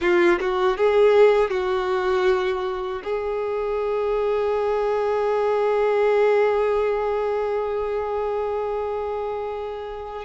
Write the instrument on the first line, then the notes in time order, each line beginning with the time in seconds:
violin
0.01 F4
0.40 F#4
0.77 G#4
1.50 F#4
3.03 G#4